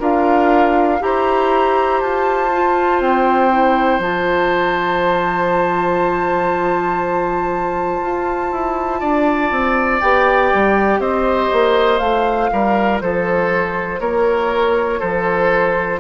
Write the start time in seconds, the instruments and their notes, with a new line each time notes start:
0.00 bassoon D4, clarinet F4, oboe A#4, flute F5
1.00 bassoon E4, clarinet G4, oboe C5, flute A#5
2.01 bassoon F4, flute A5
2.53 clarinet F4
3.01 bassoon C4, flute G5
3.51 clarinet E4
4.00 bassoon F3, clarinet F4, flute A5
8.02 bassoon F4
8.52 bassoon E4
9.01 bassoon D4, oboe D5
9.52 bassoon C4
10.01 bassoon B3, clarinet G4, flute G5
10.54 bassoon G3
11.00 bassoon C4, oboe C5, flute D#5
11.53 bassoon A#3
11.99 bassoon A3, clarinet F4, flute F5
12.53 bassoon G3, oboe A#4
13.01 bassoon F3, oboe A4, flute C5
14.00 bassoon A#3, oboe A#4, flute C#5
15.00 bassoon F3, oboe A4, flute C5